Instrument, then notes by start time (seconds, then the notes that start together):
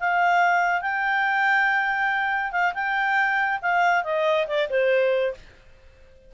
clarinet
0.00 F5
0.82 G5
2.52 F5
2.75 G5
3.62 F5
4.04 D#5
4.48 D5
4.70 C5